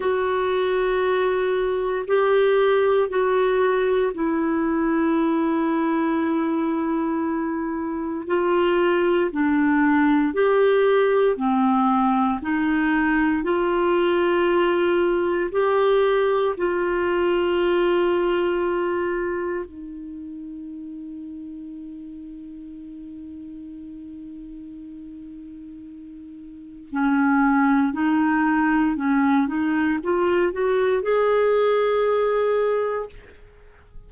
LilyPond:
\new Staff \with { instrumentName = "clarinet" } { \time 4/4 \tempo 4 = 58 fis'2 g'4 fis'4 | e'1 | f'4 d'4 g'4 c'4 | dis'4 f'2 g'4 |
f'2. dis'4~ | dis'1~ | dis'2 cis'4 dis'4 | cis'8 dis'8 f'8 fis'8 gis'2 | }